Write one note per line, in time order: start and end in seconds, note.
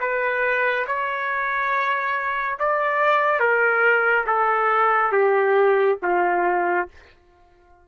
0.00 0.86 B4
0.87 2.58 C#5
2.59 3.40 D5
3.40 4.25 A#4
4.27 5.12 A4
5.12 5.98 G4
6.02 6.88 F4